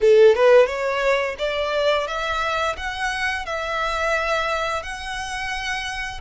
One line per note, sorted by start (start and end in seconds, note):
0.01 0.35 A4
0.35 0.66 B4
0.66 1.35 C#5
1.38 2.07 D5
2.07 2.76 E5
2.76 3.45 F#5
3.45 4.82 E5
4.82 6.20 F#5